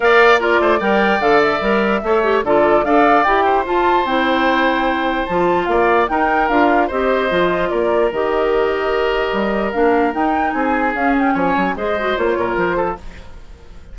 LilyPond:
<<
  \new Staff \with { instrumentName = "flute" } { \time 4/4 \tempo 4 = 148 f''4 d''4 g''4 f''8 e''8~ | e''2 d''4 f''4 | g''4 a''4 g''2~ | g''4 a''4 f''4 g''4 |
f''4 dis''2 d''4 | dis''1 | f''4 g''4 gis''4 f''8 g''8 | gis''4 dis''4 cis''4 c''4 | }
  \new Staff \with { instrumentName = "oboe" } { \time 4/4 d''4 ais'8 c''8 d''2~ | d''4 cis''4 a'4 d''4~ | d''8 c''2.~ c''8~ | c''2 d''4 ais'4~ |
ais'4 c''2 ais'4~ | ais'1~ | ais'2 gis'2 | cis''4 c''4. ais'4 a'8 | }
  \new Staff \with { instrumentName = "clarinet" } { \time 4/4 ais'4 f'4 ais'4 a'4 | ais'4 a'8 g'8 f'4 a'4 | g'4 f'4 e'2~ | e'4 f'2 dis'4 |
f'4 g'4 f'2 | g'1 | d'4 dis'2 cis'4~ | cis'4 gis'8 fis'8 f'2 | }
  \new Staff \with { instrumentName = "bassoon" } { \time 4/4 ais4. a8 g4 d4 | g4 a4 d4 d'4 | e'4 f'4 c'2~ | c'4 f4 ais4 dis'4 |
d'4 c'4 f4 ais4 | dis2. g4 | ais4 dis'4 c'4 cis'4 | f8 fis8 gis4 ais8 ais,8 f4 | }
>>